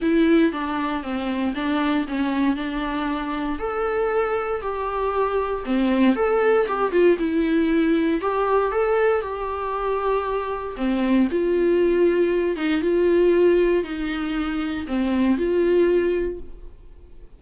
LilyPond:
\new Staff \with { instrumentName = "viola" } { \time 4/4 \tempo 4 = 117 e'4 d'4 c'4 d'4 | cis'4 d'2 a'4~ | a'4 g'2 c'4 | a'4 g'8 f'8 e'2 |
g'4 a'4 g'2~ | g'4 c'4 f'2~ | f'8 dis'8 f'2 dis'4~ | dis'4 c'4 f'2 | }